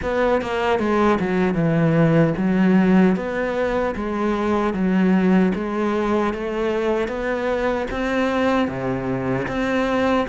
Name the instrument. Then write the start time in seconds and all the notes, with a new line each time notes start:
cello
0.02 B3
0.41 A#3
0.79 G#3
1.19 F#3
1.54 E3
2.37 F#3
3.16 B3
3.95 G#3
4.73 F#3
5.54 G#3
6.33 A3
7.07 B3
7.90 C4
8.67 C3
9.47 C4